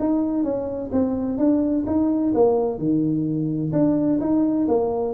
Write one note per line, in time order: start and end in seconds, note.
0.00 0.44 D#4
0.44 0.91 C#4
0.92 1.38 C4
1.38 1.85 D4
1.86 2.33 D#4
2.35 2.78 A#3
2.78 3.72 D#3
3.72 4.19 D4
4.21 4.68 D#4
4.68 5.14 A#3